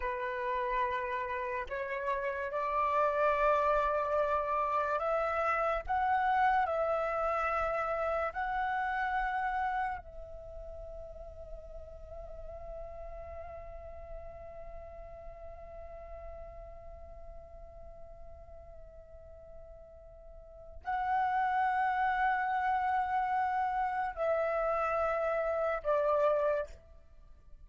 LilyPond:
\new Staff \with { instrumentName = "flute" } { \time 4/4 \tempo 4 = 72 b'2 cis''4 d''4~ | d''2 e''4 fis''4 | e''2 fis''2 | e''1~ |
e''1~ | e''1~ | e''4 fis''2.~ | fis''4 e''2 d''4 | }